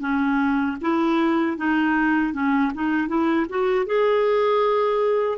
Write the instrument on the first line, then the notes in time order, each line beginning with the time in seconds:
clarinet
0.00 C#4
0.81 E4
1.57 D#4
2.34 C#4
2.74 D#4
3.08 E4
3.49 F#4
3.86 G#4